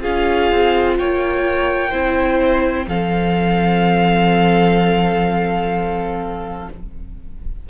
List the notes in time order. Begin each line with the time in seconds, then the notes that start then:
0.00 C#4 F4 G#4 F5
0.51 C4
0.97 A#3 C#5 G5
1.90 C4 E4 C5
2.87 F3 C4 A4 F5